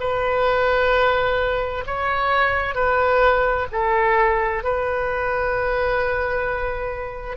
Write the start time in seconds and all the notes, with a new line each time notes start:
0.00 B4
1.86 C#5
2.75 B4
3.72 A4
4.64 B4